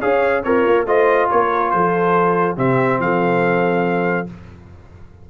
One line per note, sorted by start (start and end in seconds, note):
0.00 0.44 C#4
0.00 0.43 G#4
0.00 0.43 C#5
0.00 0.43 F5
0.43 0.65 C4
0.43 0.86 F4
0.43 0.86 A#4
0.43 0.86 C#5
0.66 0.87 A#3
0.86 1.29 A3
0.86 2.56 F4
0.86 1.28 C5
0.86 1.29 D#5
1.30 1.73 A#3
1.30 1.72 A#4
1.30 1.70 C#5
1.70 2.57 F3
1.70 2.56 A4
1.70 2.55 C5
2.56 2.99 C3
2.56 4.27 C4
2.56 2.99 G4
2.56 3.00 E5
2.99 4.27 F3
2.99 4.30 A4
2.99 4.28 F5